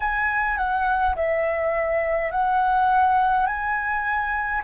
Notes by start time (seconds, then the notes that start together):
0.00 G#5
0.57 F#5
1.15 E5
2.31 F#5
3.46 G#5